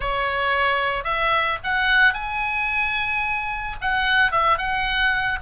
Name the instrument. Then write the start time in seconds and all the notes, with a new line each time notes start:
oboe
0.00 C#5
1.04 E5
1.63 F#5
2.13 G#5
3.81 F#5
4.31 E5
4.58 F#5